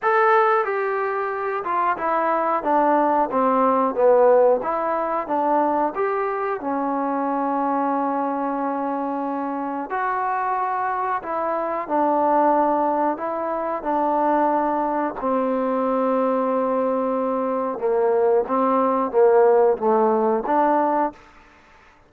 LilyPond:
\new Staff \with { instrumentName = "trombone" } { \time 4/4 \tempo 4 = 91 a'4 g'4. f'8 e'4 | d'4 c'4 b4 e'4 | d'4 g'4 cis'2~ | cis'2. fis'4~ |
fis'4 e'4 d'2 | e'4 d'2 c'4~ | c'2. ais4 | c'4 ais4 a4 d'4 | }